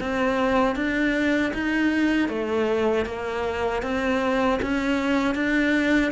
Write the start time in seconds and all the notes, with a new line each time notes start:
0.00 C4
0.76 D4
1.53 D#4
2.29 A3
3.05 A#3
3.82 C4
4.62 C#4
5.35 D4